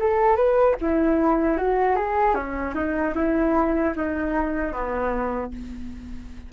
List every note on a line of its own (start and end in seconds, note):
0.00 0.36 A4
0.36 0.76 B4
0.81 1.58 E4
1.58 1.96 F#4
1.96 2.35 G#4
2.35 2.74 C#4
2.75 3.14 D#4
3.15 3.94 E4
3.96 4.73 D#4
4.73 5.52 B3